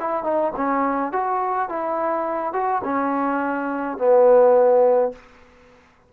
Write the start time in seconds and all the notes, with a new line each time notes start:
0.00 E4
0.24 D#4
0.56 C#4
1.12 F#4
1.69 E4
2.54 F#4
2.84 C#4
3.98 B3